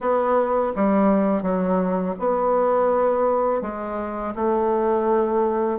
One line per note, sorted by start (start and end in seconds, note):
0.00 0.73 B3
0.75 1.42 G3
1.42 2.15 F#3
2.19 3.61 B3
3.61 4.34 G#3
4.35 5.79 A3